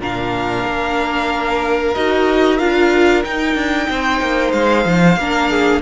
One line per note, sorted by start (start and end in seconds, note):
0.00 0.65 A#2
0.00 1.95 D4
0.00 3.88 A#4
0.00 1.94 F5
0.66 1.95 A#3
1.94 2.60 D#4
1.94 2.59 F#4
1.94 2.58 D#5
2.58 3.24 D4
2.58 3.23 F4
2.58 3.23 F5
3.23 5.16 D#4
3.23 3.55 D#4
3.23 4.52 G5
3.55 3.87 D4
3.90 4.21 C4
3.90 5.19 C5
4.21 4.53 A#3
4.52 4.85 G#3
4.52 5.81 F5
4.85 5.17 F3
5.17 5.81 A#3
5.17 5.82 D4
5.17 5.50 A#4
5.50 5.82 G#4